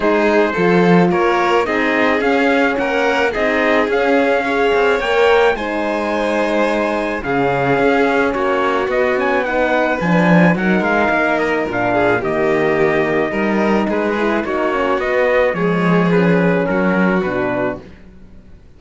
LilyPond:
<<
  \new Staff \with { instrumentName = "trumpet" } { \time 4/4 \tempo 4 = 108 c''2 cis''4 dis''4 | f''4 fis''4 dis''4 f''4~ | f''4 g''4 gis''2~ | gis''4 f''2 cis''4 |
dis''8 gis''8 fis''4 gis''4 fis''8 f''8~ | f''8 dis''8 f''4 dis''2~ | dis''4 b'4 cis''4 dis''4 | cis''4 b'4 ais'4 b'4 | }
  \new Staff \with { instrumentName = "violin" } { \time 4/4 gis'4 a'4 ais'4 gis'4~ | gis'4 ais'4 gis'2 | cis''2 c''2~ | c''4 gis'2 fis'4~ |
fis'4 b'2 ais'4~ | ais'4. gis'8 g'2 | ais'4 gis'4 fis'2 | gis'2 fis'2 | }
  \new Staff \with { instrumentName = "horn" } { \time 4/4 dis'4 f'2 dis'4 | cis'2 dis'4 cis'4 | gis'4 ais'4 dis'2~ | dis'4 cis'2. |
b8 cis'8 dis'4 d'4 dis'4~ | dis'4 d'4 ais2 | dis'4. e'8 dis'8 cis'8 b4 | gis4 cis'2 d'4 | }
  \new Staff \with { instrumentName = "cello" } { \time 4/4 gis4 f4 ais4 c'4 | cis'4 ais4 c'4 cis'4~ | cis'8 c'8 ais4 gis2~ | gis4 cis4 cis'4 ais4 |
b2 f4 fis8 gis8 | ais4 ais,4 dis2 | g4 gis4 ais4 b4 | f2 fis4 b,4 | }
>>